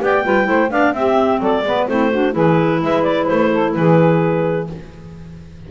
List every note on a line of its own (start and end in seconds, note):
0.00 0.24 B3
0.00 0.23 G4
0.00 0.24 D5
0.00 0.70 G5
0.24 0.48 G3
0.24 0.44 F4
0.24 0.47 B4
0.44 0.70 A3
0.44 0.67 E4
0.44 0.70 C5
0.70 0.92 B3
0.70 0.93 D4
0.70 0.94 D5
0.70 0.93 F5
0.92 1.39 C4
0.92 1.64 C4
0.92 1.39 G4
0.92 1.40 E5
1.39 1.61 F#3
1.39 1.63 A4
1.39 1.87 D5
1.61 1.85 G#3
1.61 1.88 B3
1.61 1.89 B4
1.87 2.35 A3
1.87 2.11 C4
1.87 2.11 E4
1.87 2.34 C5
2.11 2.32 D4
2.11 2.33 F#4
2.32 2.82 E3
2.32 4.67 E4
2.32 2.79 G#4
2.32 2.83 B4
2.83 3.29 G#3
2.83 3.52 B4
2.83 3.02 E5
3.02 3.26 D5
3.26 3.75 A3
3.26 3.73 C5
3.52 3.75 A4
3.73 4.69 E3
3.73 4.71 G#4
3.73 4.67 B4